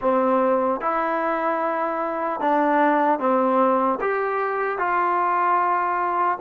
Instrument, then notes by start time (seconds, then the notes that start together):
trombone
0.01 C4
0.80 E4
2.40 D4
3.19 C4
4.00 G4
4.78 F4